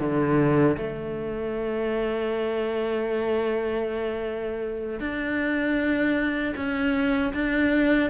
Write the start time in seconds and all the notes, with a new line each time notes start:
0.00 D3
0.77 A3
5.00 D4
6.56 C#4
7.34 D4